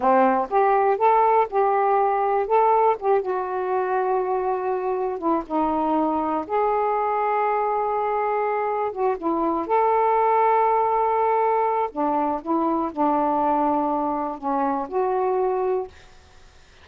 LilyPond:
\new Staff \with { instrumentName = "saxophone" } { \time 4/4 \tempo 4 = 121 c'4 g'4 a'4 g'4~ | g'4 a'4 g'8 fis'4.~ | fis'2~ fis'8 e'8 dis'4~ | dis'4 gis'2.~ |
gis'2 fis'8 e'4 a'8~ | a'1 | d'4 e'4 d'2~ | d'4 cis'4 fis'2 | }